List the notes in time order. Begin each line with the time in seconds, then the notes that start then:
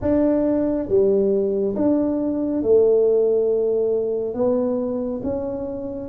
0.01 D4
0.88 G3
1.75 D4
2.62 A3
4.34 B3
5.23 C#4